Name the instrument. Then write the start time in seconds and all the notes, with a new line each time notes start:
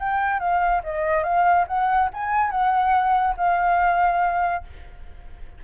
flute
0.00 G5
0.40 F5
0.84 D#5
1.24 F5
1.68 F#5
2.14 G#5
2.51 F#5
3.37 F5